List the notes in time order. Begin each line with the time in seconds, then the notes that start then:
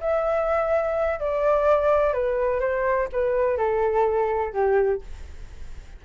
0.00 E5
1.19 D5
2.13 B4
2.60 C5
3.12 B4
3.57 A4
4.53 G4